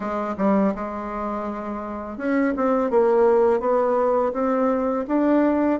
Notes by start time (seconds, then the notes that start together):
0.00 G#3
0.37 G3
0.75 G#3
2.17 C#4
2.56 C4
2.90 A#3
3.59 B3
4.32 C4
5.07 D4